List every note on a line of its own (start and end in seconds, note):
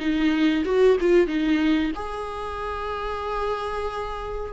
0.00 0.65 D#4
0.65 0.98 F#4
1.01 1.28 F4
1.28 1.92 D#4
1.96 4.54 G#4